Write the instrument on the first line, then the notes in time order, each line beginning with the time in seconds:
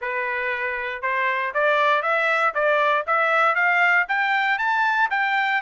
trumpet
0.01 B4
1.02 C5
1.53 D5
2.02 E5
2.54 D5
3.06 E5
3.55 F5
4.08 G5
4.58 A5
5.10 G5